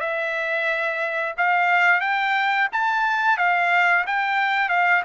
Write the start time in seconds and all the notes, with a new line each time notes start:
0.00 E5
1.37 F5
2.00 G5
2.72 A5
3.37 F5
4.06 G5
4.69 F5